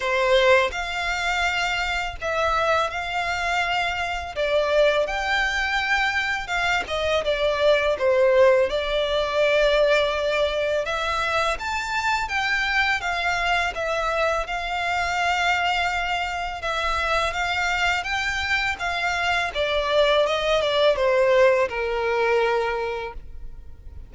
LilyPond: \new Staff \with { instrumentName = "violin" } { \time 4/4 \tempo 4 = 83 c''4 f''2 e''4 | f''2 d''4 g''4~ | g''4 f''8 dis''8 d''4 c''4 | d''2. e''4 |
a''4 g''4 f''4 e''4 | f''2. e''4 | f''4 g''4 f''4 d''4 | dis''8 d''8 c''4 ais'2 | }